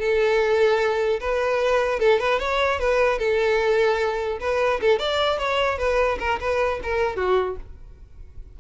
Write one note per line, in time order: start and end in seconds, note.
0.00 1.20 A4
1.20 1.99 B4
1.99 2.19 A4
2.19 2.39 B4
2.39 2.79 C#5
2.79 3.19 B4
3.19 4.39 A4
4.40 4.80 B4
4.81 4.99 A4
4.99 5.39 D5
5.39 5.78 C#5
5.78 6.18 B4
6.19 6.39 A#4
6.40 6.80 B4
6.83 7.16 A#4
7.16 7.56 F#4